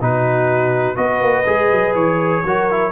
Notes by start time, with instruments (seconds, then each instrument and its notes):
0.00 tuba B2, trombone D#4, horn F#4, trumpet B4
0.95 tuba B3, trombone F#4, horn B4, trumpet D#5
1.21 tuba A#3
1.46 tuba G#3, trombone G#4
1.71 tuba F#3
1.95 tuba E3, trumpet C#5
2.43 tuba F#3, trombone F#4, horn A#4
2.71 trombone E4